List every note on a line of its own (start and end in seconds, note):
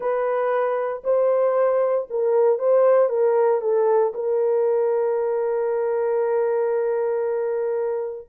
0.00 1.03 B4
1.04 2.07 C5
2.09 2.58 A#4
2.58 3.09 C5
3.09 3.61 A#4
3.61 4.13 A4
4.14 8.28 A#4